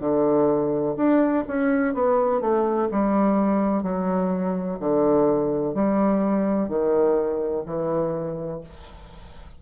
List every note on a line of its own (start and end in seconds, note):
0.00 0.95 D3
0.97 1.44 D4
1.48 1.94 C#4
1.94 2.41 B3
2.41 2.89 A3
2.91 3.83 G3
3.83 4.78 F#3
4.80 5.74 D3
5.74 6.69 G3
6.69 7.64 D#3
7.66 8.61 E3